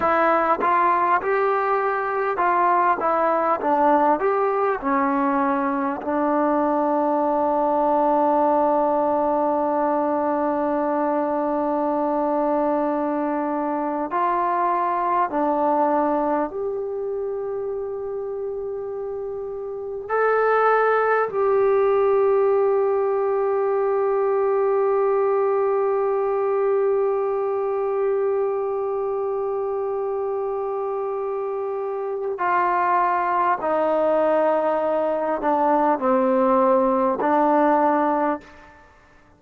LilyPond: \new Staff \with { instrumentName = "trombone" } { \time 4/4 \tempo 4 = 50 e'8 f'8 g'4 f'8 e'8 d'8 g'8 | cis'4 d'2.~ | d'2.~ d'8. f'16~ | f'8. d'4 g'2~ g'16~ |
g'8. a'4 g'2~ g'16~ | g'1~ | g'2. f'4 | dis'4. d'8 c'4 d'4 | }